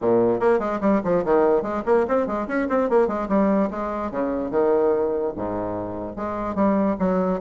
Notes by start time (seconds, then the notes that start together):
0.01 A#2
0.40 A#3
0.59 G#3
0.80 G3
1.04 F3
1.24 D#3
1.62 G#3
1.85 A#3
2.08 C4
2.26 G#3
2.47 C#4
2.69 C4
2.89 A#3
3.07 G#3
3.28 G3
3.70 G#3
4.11 C#3
4.51 D#3
5.36 G#2
6.16 G#3
6.55 G3
6.99 F#3